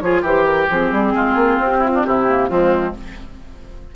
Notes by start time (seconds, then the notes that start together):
0.00 F3 F4 G#4 C#5
0.22 E3 G4 C5
0.45 A#4
0.70 F3 C4 G#4
0.92 G3
1.15 G#3 F4
1.36 A#3
1.59 C4 G4
1.78 E4
1.85 F4
1.95 D4
2.05 C3 E4 G4
2.28 A#3
2.49 F3 G#3 C4 F4